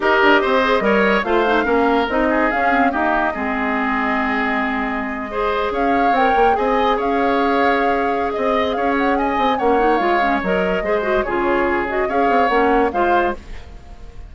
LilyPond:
<<
  \new Staff \with { instrumentName = "flute" } { \time 4/4 \tempo 4 = 144 dis''2. f''4~ | f''4 dis''4 f''4 dis''4~ | dis''1~ | dis''4.~ dis''16 f''4 g''4 gis''16~ |
gis''8. f''2.~ f''16 | dis''4 f''8 fis''8 gis''4 fis''4 | f''4 dis''2 cis''4~ | cis''8 dis''8 f''4 fis''4 f''4 | }
  \new Staff \with { instrumentName = "oboe" } { \time 4/4 ais'4 c''4 cis''4 c''4 | ais'4. gis'4. g'4 | gis'1~ | gis'8. c''4 cis''2 dis''16~ |
dis''8. cis''2.~ cis''16 | dis''4 cis''4 dis''4 cis''4~ | cis''2 c''4 gis'4~ | gis'4 cis''2 c''4 | }
  \new Staff \with { instrumentName = "clarinet" } { \time 4/4 g'4. gis'8 ais'4 f'8 dis'8 | cis'4 dis'4 cis'8 c'8 ais4 | c'1~ | c'8. gis'2 ais'4 gis'16~ |
gis'1~ | gis'2. cis'8 dis'8 | f'8 cis'8 ais'4 gis'8 fis'8 f'4~ | f'8 fis'8 gis'4 cis'4 f'4 | }
  \new Staff \with { instrumentName = "bassoon" } { \time 4/4 dis'8 d'8 c'4 g4 a4 | ais4 c'4 cis'4 dis'4 | gis1~ | gis4.~ gis16 cis'4 c'8 ais8 c'16~ |
c'8. cis'2.~ cis'16 | c'4 cis'4. c'8 ais4 | gis4 fis4 gis4 cis4~ | cis4 cis'8 c'8 ais4 gis4 | }
>>